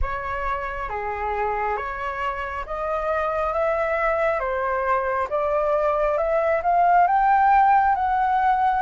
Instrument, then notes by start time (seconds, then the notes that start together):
flute
0.01 C#5
0.89 G#4
1.76 C#5
2.66 D#5
3.53 E5
4.39 C5
5.29 D5
6.17 E5
6.63 F5
7.07 G5
7.95 F#5